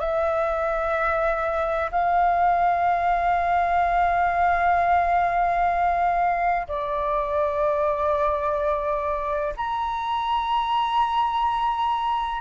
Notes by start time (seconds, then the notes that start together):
0.00 E5
1.91 F5
6.68 D5
9.57 A#5